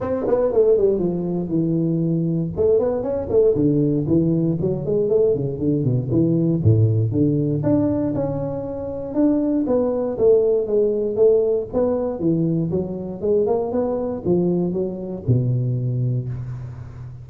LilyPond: \new Staff \with { instrumentName = "tuba" } { \time 4/4 \tempo 4 = 118 c'8 b8 a8 g8 f4 e4~ | e4 a8 b8 cis'8 a8 d4 | e4 fis8 gis8 a8 cis8 d8 b,8 | e4 a,4 d4 d'4 |
cis'2 d'4 b4 | a4 gis4 a4 b4 | e4 fis4 gis8 ais8 b4 | f4 fis4 b,2 | }